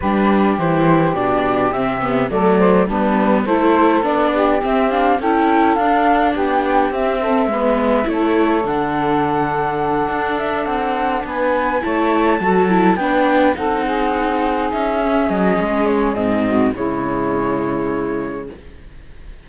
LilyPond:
<<
  \new Staff \with { instrumentName = "flute" } { \time 4/4 \tempo 4 = 104 b'4 c''4 d''4 e''4 | d''4 b'4 c''4 d''4 | e''8 f''8 g''4 f''4 g''4 | e''2 cis''4 fis''4~ |
fis''2 e''8 fis''4 gis''8~ | gis''8 a''2 g''4 fis''8~ | fis''4. e''4 dis''4 cis''8 | dis''4 cis''2. | }
  \new Staff \with { instrumentName = "saxophone" } { \time 4/4 g'1 | a'8 c''8 d'4 a'4. g'8~ | g'4 a'2 g'4~ | g'8 a'8 b'4 a'2~ |
a'2.~ a'8 b'8~ | b'8 cis''4 a'4 b'4 a'8 | gis'1~ | gis'8 fis'8 e'2. | }
  \new Staff \with { instrumentName = "viola" } { \time 4/4 d'4 e'4 d'4 c'8 b8 | a4 b4 e'4 d'4 | c'8 d'8 e'4 d'2 | c'4 b4 e'4 d'4~ |
d'1~ | d'8 e'4 fis'8 e'8 d'4 dis'8~ | dis'2 cis'2 | c'4 gis2. | }
  \new Staff \with { instrumentName = "cello" } { \time 4/4 g4 e4 b,4 c4 | fis4 g4 a4 b4 | c'4 cis'4 d'4 b4 | c'4 gis4 a4 d4~ |
d4. d'4 c'4 b8~ | b8 a4 fis4 b4 c'8~ | c'4. cis'4 fis8 gis4 | gis,4 cis2. | }
>>